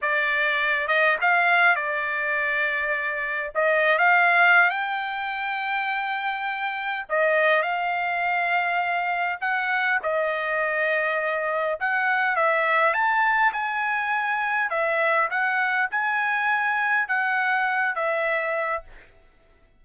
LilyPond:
\new Staff \with { instrumentName = "trumpet" } { \time 4/4 \tempo 4 = 102 d''4. dis''8 f''4 d''4~ | d''2 dis''8. f''4~ f''16 | g''1 | dis''4 f''2. |
fis''4 dis''2. | fis''4 e''4 a''4 gis''4~ | gis''4 e''4 fis''4 gis''4~ | gis''4 fis''4. e''4. | }